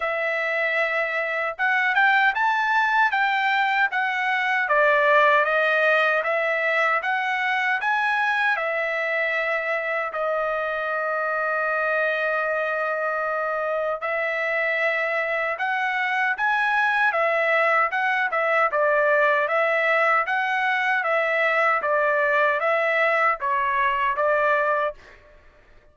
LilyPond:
\new Staff \with { instrumentName = "trumpet" } { \time 4/4 \tempo 4 = 77 e''2 fis''8 g''8 a''4 | g''4 fis''4 d''4 dis''4 | e''4 fis''4 gis''4 e''4~ | e''4 dis''2.~ |
dis''2 e''2 | fis''4 gis''4 e''4 fis''8 e''8 | d''4 e''4 fis''4 e''4 | d''4 e''4 cis''4 d''4 | }